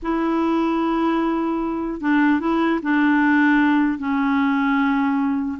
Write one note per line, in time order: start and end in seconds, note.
0.02 2.01 E4
2.01 2.39 D4
2.39 2.79 E4
2.82 3.98 D4
3.98 5.58 C#4